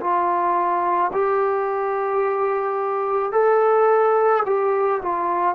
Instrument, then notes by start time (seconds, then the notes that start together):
trombone
0.00 F4
1.13 G4
3.32 A4
4.45 G4
5.02 F4